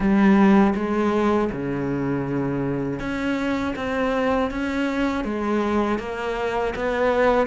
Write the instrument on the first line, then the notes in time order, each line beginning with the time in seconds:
cello
0.00 G3
0.75 G#3
1.52 C#3
2.99 C#4
3.75 C4
4.50 C#4
5.24 G#3
5.98 A#3
6.75 B3